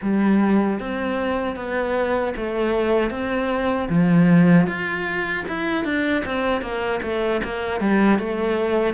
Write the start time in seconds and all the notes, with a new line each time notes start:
0.01 G3
0.79 C4
1.56 B3
2.36 A3
3.10 C4
3.89 F3
4.66 F4
5.48 E4
5.84 D4
6.25 C4
6.61 A#3
7.02 A3
7.43 A#3
7.80 G3
8.18 A3